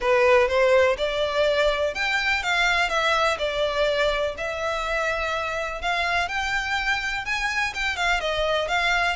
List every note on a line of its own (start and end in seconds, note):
0.00 0.48 B4
0.48 0.96 C5
0.97 1.94 D5
1.94 2.42 G5
2.43 2.89 F5
2.89 3.37 E5
3.38 4.35 D5
4.37 5.81 E5
5.81 6.28 F5
6.28 7.25 G5
7.25 7.73 G#5
7.74 7.96 G5
7.96 8.20 F5
8.20 8.68 D#5
8.68 9.16 F5